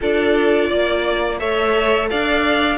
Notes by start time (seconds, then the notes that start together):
0.00 D4 F4 A4 D5
0.68 A#3 D5
1.39 A3 A4 C#5 E5
2.10 D4 D5 F5